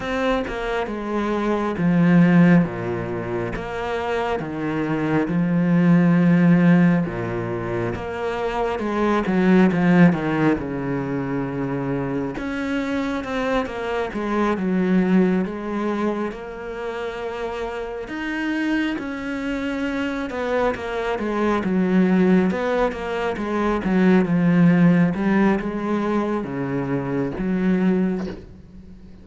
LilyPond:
\new Staff \with { instrumentName = "cello" } { \time 4/4 \tempo 4 = 68 c'8 ais8 gis4 f4 ais,4 | ais4 dis4 f2 | ais,4 ais4 gis8 fis8 f8 dis8 | cis2 cis'4 c'8 ais8 |
gis8 fis4 gis4 ais4.~ | ais8 dis'4 cis'4. b8 ais8 | gis8 fis4 b8 ais8 gis8 fis8 f8~ | f8 g8 gis4 cis4 fis4 | }